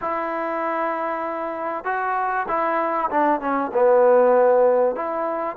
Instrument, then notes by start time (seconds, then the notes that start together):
trombone
0.01 E4
1.84 F#4
2.47 E4
3.10 D4
3.40 C#4
3.73 B3
4.95 E4